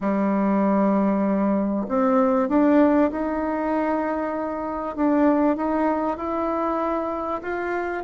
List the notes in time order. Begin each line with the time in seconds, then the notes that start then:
0.00 G3
1.88 C4
2.49 D4
3.11 D#4
4.96 D4
5.56 D#4
6.17 E4
7.42 F4